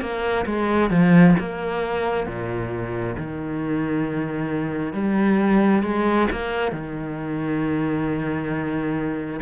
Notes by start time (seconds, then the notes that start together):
0.00 A#3
0.46 G#3
0.90 F3
1.39 A#3
2.26 A#2
3.17 D#3
4.93 G3
5.82 G#3
6.31 A#3
6.71 D#3